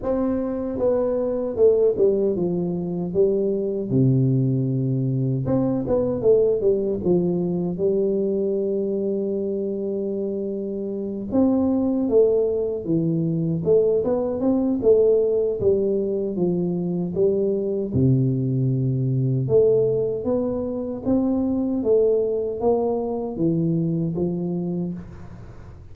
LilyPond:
\new Staff \with { instrumentName = "tuba" } { \time 4/4 \tempo 4 = 77 c'4 b4 a8 g8 f4 | g4 c2 c'8 b8 | a8 g8 f4 g2~ | g2~ g8 c'4 a8~ |
a8 e4 a8 b8 c'8 a4 | g4 f4 g4 c4~ | c4 a4 b4 c'4 | a4 ais4 e4 f4 | }